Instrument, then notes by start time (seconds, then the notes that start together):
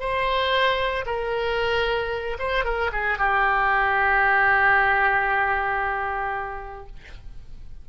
oboe
0.00 C5
1.06 A#4
2.39 C5
2.65 A#4
2.92 G#4
3.18 G4